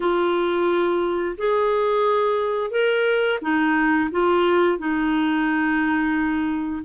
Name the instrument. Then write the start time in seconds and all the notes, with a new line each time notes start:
clarinet
0.00 F4
1.37 G#4
2.71 A#4
3.41 D#4
4.11 F4
4.78 D#4